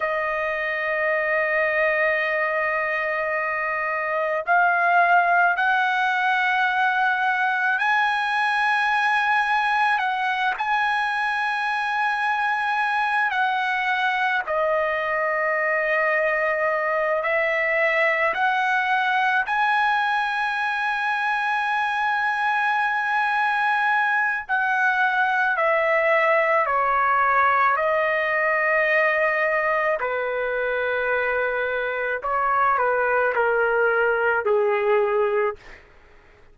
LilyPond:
\new Staff \with { instrumentName = "trumpet" } { \time 4/4 \tempo 4 = 54 dis''1 | f''4 fis''2 gis''4~ | gis''4 fis''8 gis''2~ gis''8 | fis''4 dis''2~ dis''8 e''8~ |
e''8 fis''4 gis''2~ gis''8~ | gis''2 fis''4 e''4 | cis''4 dis''2 b'4~ | b'4 cis''8 b'8 ais'4 gis'4 | }